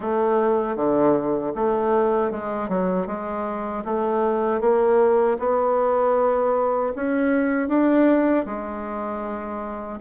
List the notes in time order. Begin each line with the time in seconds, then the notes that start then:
0.00 A3
0.76 D3
1.55 A3
2.31 G#3
2.69 F#3
3.07 G#3
3.85 A3
4.60 A#3
5.39 B3
6.95 C#4
7.68 D4
8.45 G#3